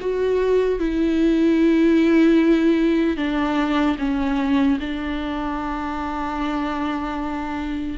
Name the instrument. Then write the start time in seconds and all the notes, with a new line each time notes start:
viola
0.00 F#4
0.79 E4
3.16 D4
3.98 C#4
4.80 D4